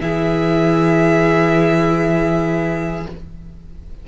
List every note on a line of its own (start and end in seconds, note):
0.00 3.05 E3
0.00 3.06 E4
0.00 3.07 G#4
0.00 3.06 E5